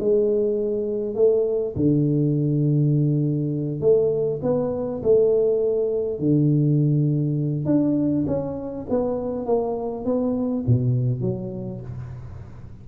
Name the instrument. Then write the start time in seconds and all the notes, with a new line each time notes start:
tuba
0.00 G#3
1.15 A3
1.76 D3
3.81 A3
4.43 B3
5.03 A3
6.19 D3
7.66 D4
8.27 C#4
8.89 B3
9.46 A#3
10.05 B3
10.67 B2
11.21 F#3